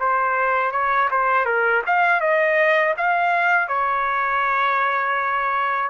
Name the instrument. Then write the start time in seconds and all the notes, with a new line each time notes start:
trumpet
0.00 C5
0.72 C#5
1.11 C5
1.45 A#4
1.87 F5
2.21 D#5
2.97 F5
3.69 C#5